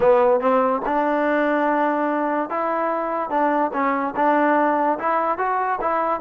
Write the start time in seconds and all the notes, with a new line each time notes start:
0.00 B3
0.40 C4
0.85 D4
2.49 E4
3.30 D4
3.73 C#4
4.15 D4
4.98 E4
5.38 F#4
5.81 E4